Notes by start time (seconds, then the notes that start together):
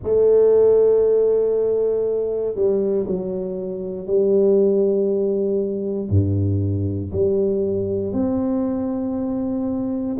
0.03 A3
2.55 G3
3.06 F#3
4.06 G3
6.09 G2
7.11 G3
8.13 C4